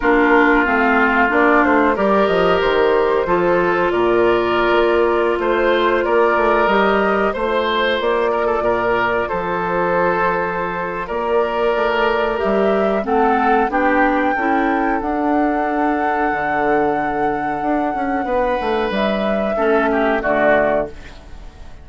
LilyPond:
<<
  \new Staff \with { instrumentName = "flute" } { \time 4/4 \tempo 4 = 92 ais'4 f''4 d''8 c''8 d''8 dis''8 | c''2 d''2~ | d''16 c''4 d''4 dis''4 c''8.~ | c''16 d''2 c''4.~ c''16~ |
c''4 d''2 e''4 | fis''4 g''2 fis''4~ | fis''1~ | fis''4 e''2 d''4 | }
  \new Staff \with { instrumentName = "oboe" } { \time 4/4 f'2. ais'4~ | ais'4 a'4 ais'2~ | ais'16 c''4 ais'2 c''8.~ | c''8. ais'16 a'16 ais'4 a'4.~ a'16~ |
a'4 ais'2. | a'4 g'4 a'2~ | a'1 | b'2 a'8 g'8 fis'4 | }
  \new Staff \with { instrumentName = "clarinet" } { \time 4/4 d'4 c'4 d'4 g'4~ | g'4 f'2.~ | f'2~ f'16 g'4 f'8.~ | f'1~ |
f'2. g'4 | c'4 d'4 e'4 d'4~ | d'1~ | d'2 cis'4 a4 | }
  \new Staff \with { instrumentName = "bassoon" } { \time 4/4 ais4 a4 ais8 a8 g8 f8 | dis4 f4 ais,4~ ais,16 ais8.~ | ais16 a4 ais8 a8 g4 a8.~ | a16 ais4 ais,4 f4.~ f16~ |
f4 ais4 a4 g4 | a4 b4 cis'4 d'4~ | d'4 d2 d'8 cis'8 | b8 a8 g4 a4 d4 | }
>>